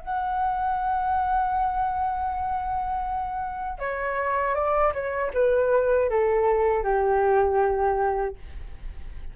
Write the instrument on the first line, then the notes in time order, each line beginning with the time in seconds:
flute
0.00 F#5
3.79 C#5
4.55 D5
4.93 C#5
5.33 B4
6.10 A4
6.84 G4